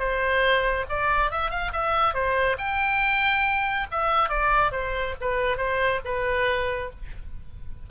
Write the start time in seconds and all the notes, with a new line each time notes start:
0.00 C5
0.90 D5
1.31 E5
1.51 F5
1.73 E5
2.14 C5
2.59 G5
3.92 E5
4.30 D5
4.72 C5
5.21 B4
5.58 C5
6.05 B4